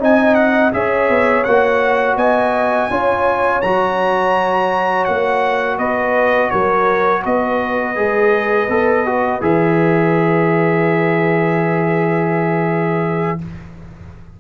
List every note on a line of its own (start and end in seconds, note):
0.00 0.73 C4
0.00 0.72 D#4
0.00 0.74 D#5
0.00 0.35 G#5
0.35 0.71 F#5
0.73 1.09 C#4
0.73 1.45 G#4
0.73 2.18 C#5
0.73 1.44 E5
1.09 1.45 B3
1.44 2.16 A#3
1.44 2.91 F#4
1.44 2.16 F#5
2.16 2.89 B3
2.16 2.90 D#5
2.16 3.61 G#5
2.90 3.63 C#4
2.90 3.63 F4
2.90 5.78 C#5
3.61 5.08 F#3
3.61 7.96 F#4
3.61 5.05 A#5
5.05 5.78 A#3
5.05 5.77 F#5
5.78 6.51 B3
5.78 6.51 B4
5.78 6.50 D#5
6.50 7.25 F#3
6.50 7.23 A#4
6.50 7.23 C#5
7.23 7.97 B3
7.23 13.37 B4
7.23 9.42 D#5
7.96 8.69 G#3
7.96 8.68 G#4
8.69 9.41 B3
8.69 9.06 A4
9.06 9.41 F#4
9.41 13.39 E3
9.41 13.39 G#4
9.41 13.40 E5